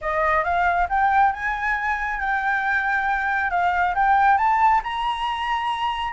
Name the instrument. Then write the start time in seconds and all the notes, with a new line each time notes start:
flute
0.01 D#5
0.43 F5
0.89 G5
1.32 G#5
2.20 G5
3.50 F5
3.94 G5
4.37 A5
4.83 A#5